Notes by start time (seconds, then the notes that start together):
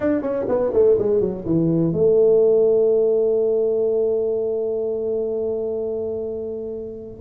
0.00 D4
0.21 C#4
0.48 B3
0.73 A3
0.98 G#3
1.20 F#3
1.45 E3
1.92 A3